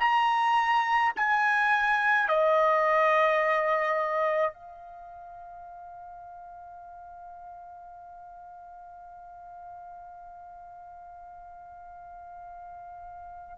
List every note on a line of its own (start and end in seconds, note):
0.00 1.13 A#5
1.16 2.28 G#5
2.28 4.53 D#5
4.53 13.58 F5